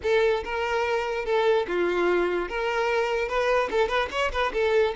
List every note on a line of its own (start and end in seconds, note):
0.02 0.43 A4
0.44 1.25 A#4
1.25 1.66 A4
1.67 2.49 F4
2.49 3.28 A#4
3.28 3.69 B4
3.71 3.88 A4
3.88 4.09 B4
4.11 4.31 C#5
4.32 4.52 B4
4.53 4.94 A4